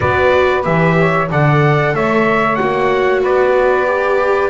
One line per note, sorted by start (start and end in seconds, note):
0.00 0.66 B3
0.00 0.62 F#4
0.00 0.96 B4
0.00 0.64 D5
0.62 1.30 E3
0.62 1.27 G4
0.62 1.28 E5
0.98 1.29 C#5
1.29 1.93 D3
1.29 2.58 A4
1.29 1.94 D5
1.29 1.95 F#5
1.93 2.58 A3
1.93 3.21 C#5
1.93 2.55 E5
2.55 3.23 A#3
2.55 3.85 F#4
2.55 3.20 F#5
3.21 4.49 B3
3.21 4.49 B4
3.21 4.49 D5
3.85 4.49 G4